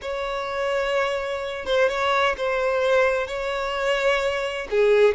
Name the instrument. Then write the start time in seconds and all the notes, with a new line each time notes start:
violin
0.01 C#5
1.65 C5
1.89 C#5
2.37 C5
3.27 C#5
4.70 G#4